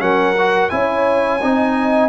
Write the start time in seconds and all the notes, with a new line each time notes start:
0.00 F#3 C#4 A#4 F#5
0.39 F#4
0.70 C#4 E4 C#5 G#5
1.42 C4 D#4 D#5